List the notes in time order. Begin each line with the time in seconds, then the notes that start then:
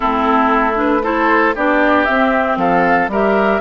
0.00 A3 C4 E4 A4
0.75 D4 B4
1.02 E4 A4 C5
1.55 B3 D4 G4 D5
2.05 C4 E5
2.56 F3 A4 F5
3.08 G3 G4 A#4 E5